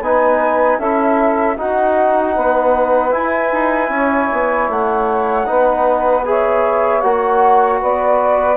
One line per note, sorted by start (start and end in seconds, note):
0.00 0.78 B3
0.00 0.82 D#4
0.00 0.78 B4
0.00 0.79 G#5
0.78 1.56 C#4
0.78 1.57 E4
0.78 1.56 A4
0.78 1.57 E5
1.57 3.11 D#4
1.57 2.36 D#4
1.57 2.35 F#4
1.57 3.12 F#5
2.36 3.14 B3
2.36 3.91 B4
3.11 5.44 E4
3.11 4.68 G#5
3.17 3.52 E4
3.52 3.89 D#4
3.89 4.28 C#4
3.89 5.47 C#5
4.32 4.69 B3
4.69 5.46 A3
4.69 6.26 F#5
5.46 7.03 B3
5.46 6.24 D#4
5.46 6.25 B4
6.25 7.02 G#4
6.25 7.80 C#5
6.25 7.00 E5
7.00 7.81 A#3
7.00 8.56 F#4
7.00 7.78 F#5
7.80 8.56 B3
7.80 8.56 B4
7.80 8.56 D5